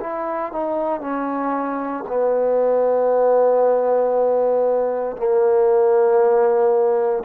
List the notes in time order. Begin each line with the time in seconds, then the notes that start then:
0.00 E4
0.52 D#4
1.01 C#4
2.07 B3
5.16 A#3